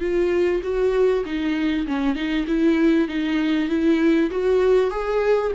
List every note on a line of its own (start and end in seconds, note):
0.00 0.61 F4
0.63 1.24 F#4
1.25 1.86 D#4
1.87 2.15 C#4
2.15 2.46 D#4
2.47 3.08 E4
3.08 3.69 D#4
3.69 4.30 E4
4.31 4.90 F#4
4.90 5.52 G#4